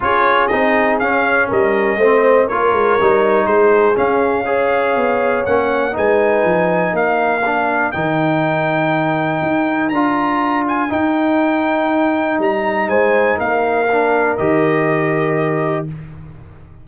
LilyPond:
<<
  \new Staff \with { instrumentName = "trumpet" } { \time 4/4 \tempo 4 = 121 cis''4 dis''4 f''4 dis''4~ | dis''4 cis''2 c''4 | f''2. fis''4 | gis''2 f''2 |
g''1 | ais''4. gis''8 g''2~ | g''4 ais''4 gis''4 f''4~ | f''4 dis''2. | }
  \new Staff \with { instrumentName = "horn" } { \time 4/4 gis'2. ais'4 | c''4 ais'2 gis'4~ | gis'4 cis''2. | b'2 ais'2~ |
ais'1~ | ais'1~ | ais'2 c''4 ais'4~ | ais'1 | }
  \new Staff \with { instrumentName = "trombone" } { \time 4/4 f'4 dis'4 cis'2 | c'4 f'4 dis'2 | cis'4 gis'2 cis'4 | dis'2. d'4 |
dis'1 | f'2 dis'2~ | dis'1 | d'4 g'2. | }
  \new Staff \with { instrumentName = "tuba" } { \time 4/4 cis'4 c'4 cis'4 g4 | a4 ais8 gis8 g4 gis4 | cis'2 b4 ais4 | gis4 f4 ais2 |
dis2. dis'4 | d'2 dis'2~ | dis'4 g4 gis4 ais4~ | ais4 dis2. | }
>>